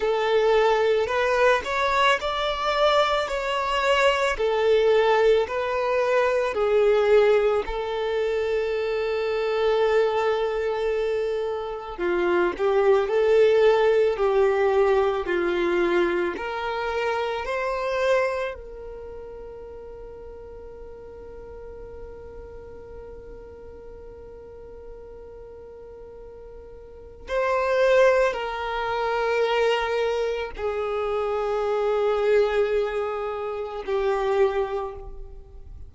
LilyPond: \new Staff \with { instrumentName = "violin" } { \time 4/4 \tempo 4 = 55 a'4 b'8 cis''8 d''4 cis''4 | a'4 b'4 gis'4 a'4~ | a'2. f'8 g'8 | a'4 g'4 f'4 ais'4 |
c''4 ais'2.~ | ais'1~ | ais'4 c''4 ais'2 | gis'2. g'4 | }